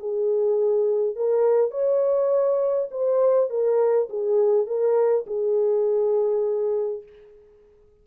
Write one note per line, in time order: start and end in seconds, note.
0.00 1.16 G#4
1.16 1.72 A#4
1.72 2.89 C#5
2.92 3.50 C5
3.50 4.09 A#4
4.10 4.67 G#4
4.67 5.26 A#4
5.27 7.04 G#4